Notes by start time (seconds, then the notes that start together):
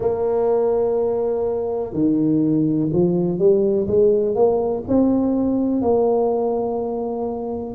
0.00 A#3
1.93 D#3
2.92 F3
3.38 G3
3.87 G#3
4.35 A#3
4.87 C4
5.81 A#3